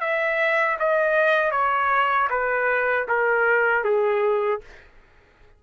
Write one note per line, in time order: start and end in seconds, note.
0.00 0.77 E5
0.79 1.51 D#5
1.51 2.28 C#5
2.29 3.06 B4
3.08 3.84 A#4
3.84 4.60 G#4